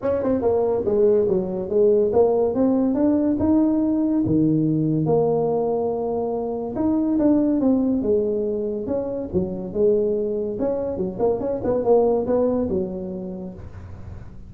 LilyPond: \new Staff \with { instrumentName = "tuba" } { \time 4/4 \tempo 4 = 142 cis'8 c'8 ais4 gis4 fis4 | gis4 ais4 c'4 d'4 | dis'2 dis2 | ais1 |
dis'4 d'4 c'4 gis4~ | gis4 cis'4 fis4 gis4~ | gis4 cis'4 fis8 ais8 cis'8 b8 | ais4 b4 fis2 | }